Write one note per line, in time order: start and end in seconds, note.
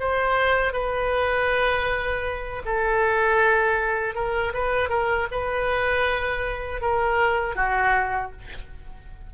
0.00 0.72 C5
0.72 2.62 B4
2.65 4.15 A4
4.15 4.53 A#4
4.54 4.89 B4
4.89 5.27 A#4
5.31 6.81 B4
6.81 7.56 A#4
7.56 8.32 F#4